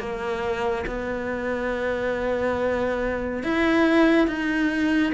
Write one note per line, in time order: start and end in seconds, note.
0.00 0.86 A#3
0.87 3.44 B3
3.44 4.28 E4
4.28 5.14 D#4